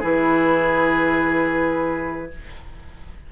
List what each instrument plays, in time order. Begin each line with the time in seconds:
0.00 bassoon E3, clarinet E4, oboe G#4, flute B4